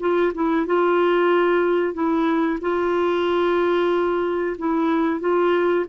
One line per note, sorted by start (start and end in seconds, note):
0.00 0.33 F4
0.34 0.66 E4
0.66 1.94 F4
1.94 2.59 E4
2.61 4.57 F4
4.58 5.21 E4
5.21 5.86 F4